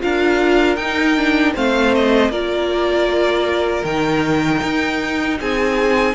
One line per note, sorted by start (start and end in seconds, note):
0.00 0.76 D4
0.00 0.77 F4
0.00 1.54 A#4
0.00 0.76 F5
0.76 1.53 D#4
0.76 1.17 D#4
0.76 1.53 G5
1.17 1.54 D4
1.54 2.29 A3
1.54 2.31 C4
1.54 2.31 C5
1.54 1.95 F5
1.95 2.31 D#5
2.29 3.83 A#3
2.29 3.85 F4
2.29 5.39 A#4
2.29 3.84 D5
3.84 4.61 D#3
3.84 6.14 D#4
3.84 5.38 G5
4.63 5.40 D#4
5.39 6.14 C4
5.39 6.14 G#4
5.39 6.14 G#5